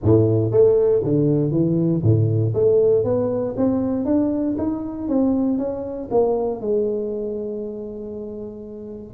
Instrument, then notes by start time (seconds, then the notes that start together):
tuba
0.03 A2
0.51 A3
1.03 D3
1.51 E3
2.02 A2
2.54 A3
3.03 B3
3.56 C4
4.05 D4
4.58 D#4
5.08 C4
5.58 C#4
6.10 A#3
6.61 G#3